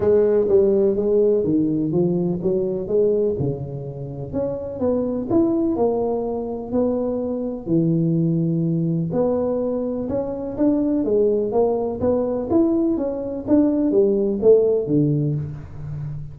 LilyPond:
\new Staff \with { instrumentName = "tuba" } { \time 4/4 \tempo 4 = 125 gis4 g4 gis4 dis4 | f4 fis4 gis4 cis4~ | cis4 cis'4 b4 e'4 | ais2 b2 |
e2. b4~ | b4 cis'4 d'4 gis4 | ais4 b4 e'4 cis'4 | d'4 g4 a4 d4 | }